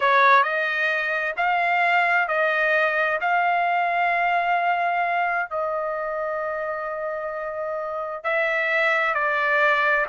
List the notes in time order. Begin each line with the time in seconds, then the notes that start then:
0.00 C#5
0.43 D#5
1.36 F5
2.28 D#5
3.21 F5
5.49 D#5
8.23 E5
9.14 D5